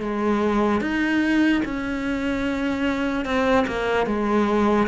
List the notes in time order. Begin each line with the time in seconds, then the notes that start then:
0.00 G#3
0.81 D#4
1.65 C#4
3.25 C4
3.67 A#3
4.07 G#3